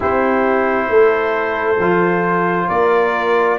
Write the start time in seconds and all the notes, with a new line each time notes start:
0.00 C4 E4 G4 C5
0.88 A3 A4
1.79 F3 F4
2.68 A#3 A#4 D5